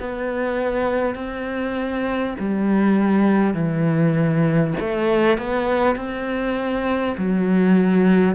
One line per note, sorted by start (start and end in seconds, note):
0.00 1.15 B3
1.15 2.35 C4
2.39 3.54 G3
3.54 4.74 E3
4.79 5.37 A3
5.37 5.96 B3
5.96 7.16 C4
7.17 8.35 F#3